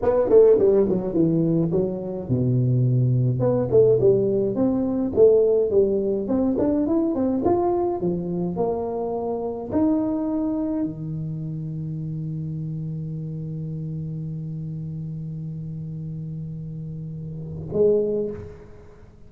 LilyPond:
\new Staff \with { instrumentName = "tuba" } { \time 4/4 \tempo 4 = 105 b8 a8 g8 fis8 e4 fis4 | b,2 b8 a8 g4 | c'4 a4 g4 c'8 d'8 | e'8 c'8 f'4 f4 ais4~ |
ais4 dis'2 dis4~ | dis1~ | dis1~ | dis2. gis4 | }